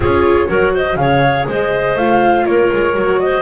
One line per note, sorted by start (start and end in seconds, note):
0.00 0.45 C#4
0.00 0.48 F4
0.00 0.48 G#4
0.00 0.75 C#5
0.48 0.95 F#3
0.48 0.97 F#4
0.48 0.73 A#4
0.73 0.98 C5
0.73 0.96 D#5
0.95 1.45 C#3
0.95 1.98 G#4
0.95 1.48 C#5
0.95 1.45 F5
1.48 1.94 G#3
1.48 2.46 C5
1.48 1.97 D#5
1.94 2.44 A3
1.94 2.93 F4
1.94 2.46 F5
2.45 2.70 A#3
2.45 3.22 A#4
2.45 3.20 C#5
2.72 2.96 G#3
2.93 3.41 F#3
2.93 3.41 F#4
3.20 3.41 C5
3.20 3.41 D#5